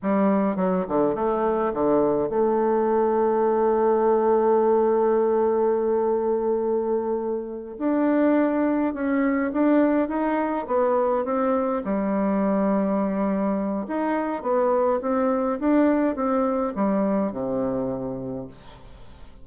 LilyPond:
\new Staff \with { instrumentName = "bassoon" } { \time 4/4 \tempo 4 = 104 g4 fis8 d8 a4 d4 | a1~ | a1~ | a4. d'2 cis'8~ |
cis'8 d'4 dis'4 b4 c'8~ | c'8 g2.~ g8 | dis'4 b4 c'4 d'4 | c'4 g4 c2 | }